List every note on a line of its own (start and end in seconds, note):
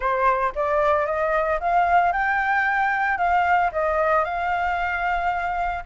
0.00 0.52 C5
0.55 1.06 D5
1.06 1.59 D#5
1.60 2.12 F5
2.12 3.17 G5
3.17 3.70 F5
3.72 4.24 D#5
4.24 5.83 F5